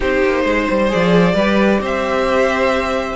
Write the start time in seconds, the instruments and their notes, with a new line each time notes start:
0.00 cello C4, viola D#4, violin G4 C5
0.24 cello A#3
0.44 cello G#3, violin C5
0.70 cello G3
0.88 viola G#4, violin D5
0.94 cello F3
1.34 cello G3, viola G4, violin B4
1.80 cello C4, violin C5 E5